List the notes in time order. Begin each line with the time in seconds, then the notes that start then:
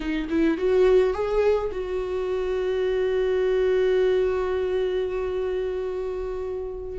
0.00 D#4
0.29 E4
0.57 F#4
1.13 G#4
1.71 F#4